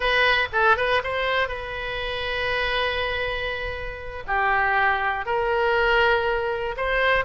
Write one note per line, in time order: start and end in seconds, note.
0.00 0.47 B4
0.52 0.76 A4
0.76 1.01 B4
1.03 1.48 C5
1.48 4.23 B4
4.27 5.25 G4
5.25 6.75 A#4
6.76 7.25 C5